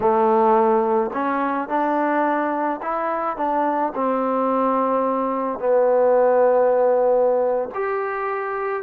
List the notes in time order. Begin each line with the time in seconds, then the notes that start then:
0.00 A3
1.13 C#4
1.68 D4
2.82 E4
3.36 D4
3.94 C4
5.59 B3
7.74 G4